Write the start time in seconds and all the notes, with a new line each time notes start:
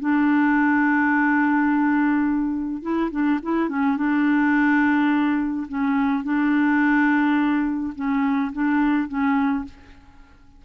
0.00 D4
2.82 E4
3.11 D4
3.43 E4
3.69 C#4
3.98 D4
5.68 C#4
6.24 D4
7.96 C#4
8.53 D4
9.08 C#4